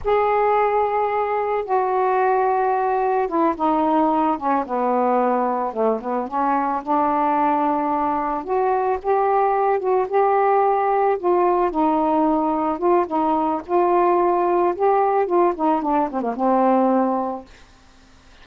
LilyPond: \new Staff \with { instrumentName = "saxophone" } { \time 4/4 \tempo 4 = 110 gis'2. fis'4~ | fis'2 e'8 dis'4. | cis'8 b2 a8 b8 cis'8~ | cis'8 d'2. fis'8~ |
fis'8 g'4. fis'8 g'4.~ | g'8 f'4 dis'2 f'8 | dis'4 f'2 g'4 | f'8 dis'8 d'8 c'16 ais16 c'2 | }